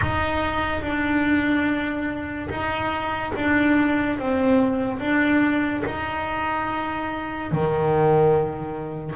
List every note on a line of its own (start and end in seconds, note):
0.02 0.82 D#4
0.82 2.48 D4
2.49 3.32 D#4
3.35 4.19 D4
4.19 5.00 C4
5.00 5.83 D4
5.85 7.52 D#4
7.52 9.15 D#3